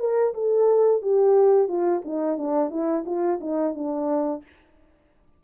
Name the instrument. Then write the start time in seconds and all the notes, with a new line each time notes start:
horn
0.00 A#4
0.34 A4
1.03 G4
1.68 F4
2.05 D#4
2.38 D4
2.70 E4
3.06 F4
3.41 D#4
3.75 D4